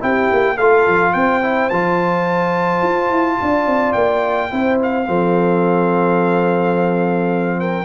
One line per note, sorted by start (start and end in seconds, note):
0.00 0.31 C4
0.00 0.56 E4
0.00 0.56 G4
0.00 0.58 G5
0.33 0.60 A#3
0.56 0.88 A3
0.56 1.42 F4
0.56 1.12 A4
0.56 1.14 F5
0.88 1.15 F3
1.14 1.71 C4
1.14 3.38 C5
1.14 1.70 G5
1.42 1.70 E4
1.70 2.82 F3
1.70 4.50 F4
1.70 3.93 A5
2.82 3.10 F4
3.10 3.38 E4
3.42 3.66 D4
3.42 4.53 D5
3.66 3.94 C4
3.93 4.51 A#3
3.93 4.77 G5
4.50 5.08 C4
4.50 5.06 E4
4.50 5.08 C5
4.83 7.61 F5
5.06 7.85 F3
5.06 7.85 C4
5.06 7.60 A4
7.60 7.85 A#4
7.60 7.85 G5